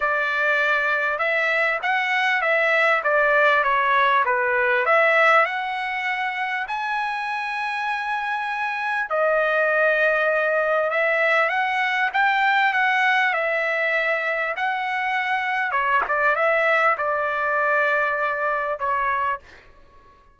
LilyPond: \new Staff \with { instrumentName = "trumpet" } { \time 4/4 \tempo 4 = 99 d''2 e''4 fis''4 | e''4 d''4 cis''4 b'4 | e''4 fis''2 gis''4~ | gis''2. dis''4~ |
dis''2 e''4 fis''4 | g''4 fis''4 e''2 | fis''2 cis''8 d''8 e''4 | d''2. cis''4 | }